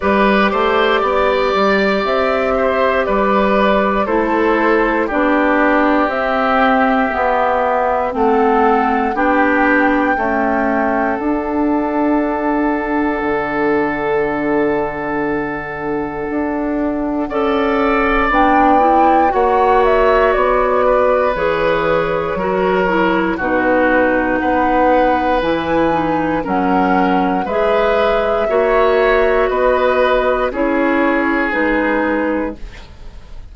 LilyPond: <<
  \new Staff \with { instrumentName = "flute" } { \time 4/4 \tempo 4 = 59 d''2 e''4 d''4 | c''4 d''4 e''2 | fis''4 g''2 fis''4~ | fis''1~ |
fis''2 g''4 fis''8 e''8 | d''4 cis''2 b'4 | fis''4 gis''4 fis''4 e''4~ | e''4 dis''4 cis''4 b'4 | }
  \new Staff \with { instrumentName = "oboe" } { \time 4/4 b'8 c''8 d''4. c''8 b'4 | a'4 g'2. | a'4 g'4 a'2~ | a'1~ |
a'4 d''2 cis''4~ | cis''8 b'4. ais'4 fis'4 | b'2 ais'4 b'4 | cis''4 b'4 gis'2 | }
  \new Staff \with { instrumentName = "clarinet" } { \time 4/4 g'1 | e'4 d'4 c'4 b4 | c'4 d'4 a4 d'4~ | d'1~ |
d'4 a'4 d'8 e'8 fis'4~ | fis'4 gis'4 fis'8 e'8 dis'4~ | dis'4 e'8 dis'8 cis'4 gis'4 | fis'2 e'4 dis'4 | }
  \new Staff \with { instrumentName = "bassoon" } { \time 4/4 g8 a8 b8 g8 c'4 g4 | a4 b4 c'4 b4 | a4 b4 cis'4 d'4~ | d'4 d2. |
d'4 cis'4 b4 ais4 | b4 e4 fis4 b,4 | b4 e4 fis4 gis4 | ais4 b4 cis'4 gis4 | }
>>